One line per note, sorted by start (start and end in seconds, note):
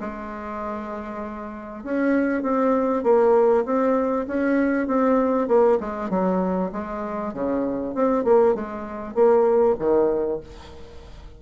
0.00 1.84 G#3
1.84 2.42 C#4
2.42 3.03 C4
3.03 3.64 A#3
3.65 4.26 C4
4.27 4.87 C#4
4.87 5.47 C4
5.47 5.78 A#3
5.80 6.09 G#3
6.09 6.71 F#3
6.72 7.33 G#3
7.33 7.94 C#3
7.94 8.24 C4
8.24 8.54 A#3
8.54 9.14 G#3
9.14 9.75 A#3
9.78 10.40 D#3